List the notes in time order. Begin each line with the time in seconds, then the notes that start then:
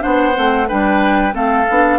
0.00 B3 D4 C5 F#5
0.34 A3 C4
0.68 G3 D4 B4 G5
1.32 A3 C4 A4 F5
1.70 B3 D4